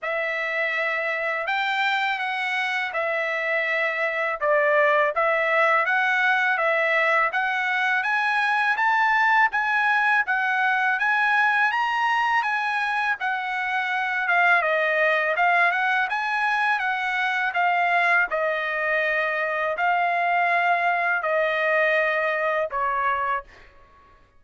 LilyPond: \new Staff \with { instrumentName = "trumpet" } { \time 4/4 \tempo 4 = 82 e''2 g''4 fis''4 | e''2 d''4 e''4 | fis''4 e''4 fis''4 gis''4 | a''4 gis''4 fis''4 gis''4 |
ais''4 gis''4 fis''4. f''8 | dis''4 f''8 fis''8 gis''4 fis''4 | f''4 dis''2 f''4~ | f''4 dis''2 cis''4 | }